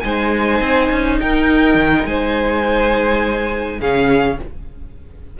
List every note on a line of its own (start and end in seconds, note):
0.00 0.60 G#3
0.00 3.81 D#4
0.00 1.20 C5
0.00 1.17 G#5
0.60 0.90 C4
0.92 1.21 C#4
1.20 1.75 D#4
1.20 2.08 A#4
1.20 2.06 G5
1.75 2.04 D#3
2.05 3.80 G#3
2.05 3.79 C5
2.05 3.81 G#5
3.79 4.39 C#3
3.79 4.40 C#4
3.79 4.38 G#4
3.79 4.39 F5